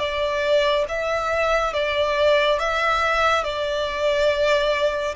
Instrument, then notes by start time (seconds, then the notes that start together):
violin
0.00 D5
0.89 E5
1.74 D5
2.60 E5
3.44 D5